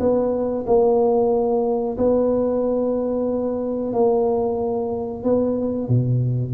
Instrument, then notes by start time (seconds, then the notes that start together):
tuba
0.00 B3
0.67 A#3
1.98 B3
3.93 A#3
5.24 B3
5.88 B2